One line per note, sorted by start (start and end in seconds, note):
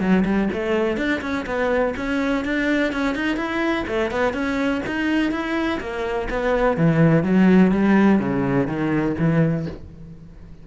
0.00 0.24 F#3
0.25 0.49 G3
0.53 0.96 A3
0.96 1.20 D4
1.21 1.45 C#4
1.46 1.94 B3
1.96 2.44 C#4
2.44 2.92 D4
2.92 3.15 C#4
3.15 3.36 D#4
3.36 3.84 E4
3.87 4.11 A3
4.11 4.33 B3
4.33 4.81 C#4
4.86 5.31 D#4
5.31 5.79 E4
5.80 6.28 A#3
6.29 6.77 B3
6.77 7.23 E3
7.23 7.71 F#3
7.71 8.19 G3
8.19 8.67 C#3
8.67 9.15 D#3
9.19 9.67 E3